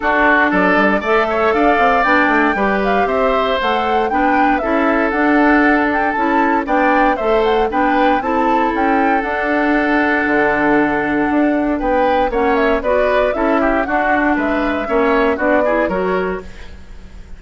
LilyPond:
<<
  \new Staff \with { instrumentName = "flute" } { \time 4/4 \tempo 4 = 117 a'4 d''4 e''4 f''4 | g''4. f''8 e''4 fis''4 | g''4 e''4 fis''4. g''8 | a''4 g''4 e''8 fis''8 g''4 |
a''4 g''4 fis''2~ | fis''2. g''4 | fis''8 e''8 d''4 e''4 fis''4 | e''2 d''4 cis''4 | }
  \new Staff \with { instrumentName = "oboe" } { \time 4/4 fis'4 a'4 d''8 cis''8 d''4~ | d''4 b'4 c''2 | b'4 a'2.~ | a'4 d''4 c''4 b'4 |
a'1~ | a'2. b'4 | cis''4 b'4 a'8 g'8 fis'4 | b'4 cis''4 fis'8 gis'8 ais'4 | }
  \new Staff \with { instrumentName = "clarinet" } { \time 4/4 d'2 a'2 | d'4 g'2 a'4 | d'4 e'4 d'2 | e'4 d'4 a'4 d'4 |
e'2 d'2~ | d'1 | cis'4 fis'4 e'4 d'4~ | d'4 cis'4 d'8 e'8 fis'4 | }
  \new Staff \with { instrumentName = "bassoon" } { \time 4/4 d'4 fis8 g8 a4 d'8 c'8 | b8 a8 g4 c'4 a4 | b4 cis'4 d'2 | cis'4 b4 a4 b4 |
c'4 cis'4 d'2 | d2 d'4 b4 | ais4 b4 cis'4 d'4 | gis4 ais4 b4 fis4 | }
>>